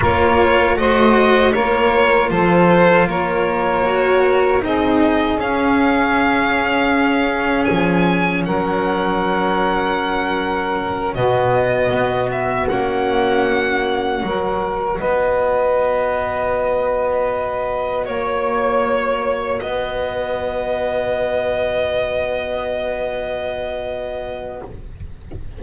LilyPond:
<<
  \new Staff \with { instrumentName = "violin" } { \time 4/4 \tempo 4 = 78 cis''4 dis''4 cis''4 c''4 | cis''2 dis''4 f''4~ | f''2 gis''4 fis''4~ | fis''2~ fis''8 dis''4. |
e''8 fis''2. dis''8~ | dis''2.~ dis''8 cis''8~ | cis''4. dis''2~ dis''8~ | dis''1 | }
  \new Staff \with { instrumentName = "saxophone" } { \time 4/4 ais'4 c''4 ais'4 a'4 | ais'2 gis'2~ | gis'2. ais'4~ | ais'2~ ais'8 fis'4.~ |
fis'2~ fis'8 ais'4 b'8~ | b'2.~ b'8 cis''8~ | cis''4. b'2~ b'8~ | b'1 | }
  \new Staff \with { instrumentName = "cello" } { \time 4/4 f'4 fis'4 f'2~ | f'4 fis'4 dis'4 cis'4~ | cis'1~ | cis'2~ cis'8 b4.~ |
b8 cis'2 fis'4.~ | fis'1~ | fis'1~ | fis'1 | }
  \new Staff \with { instrumentName = "double bass" } { \time 4/4 ais4 a4 ais4 f4 | ais2 c'4 cis'4~ | cis'2 f4 fis4~ | fis2~ fis8 b,4 b8~ |
b8 ais2 fis4 b8~ | b2.~ b8 ais8~ | ais4. b2~ b8~ | b1 | }
>>